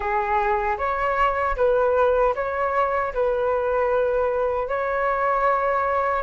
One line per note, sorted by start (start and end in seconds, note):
0.00 0.77 G#4
0.78 1.55 C#5
1.56 2.34 B4
2.35 3.13 C#5
3.13 4.68 B4
4.68 6.22 C#5